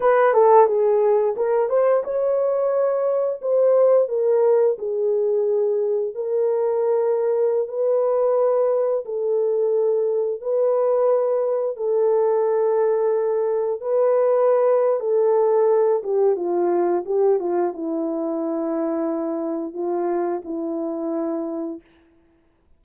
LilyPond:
\new Staff \with { instrumentName = "horn" } { \time 4/4 \tempo 4 = 88 b'8 a'8 gis'4 ais'8 c''8 cis''4~ | cis''4 c''4 ais'4 gis'4~ | gis'4 ais'2~ ais'16 b'8.~ | b'4~ b'16 a'2 b'8.~ |
b'4~ b'16 a'2~ a'8.~ | a'16 b'4.~ b'16 a'4. g'8 | f'4 g'8 f'8 e'2~ | e'4 f'4 e'2 | }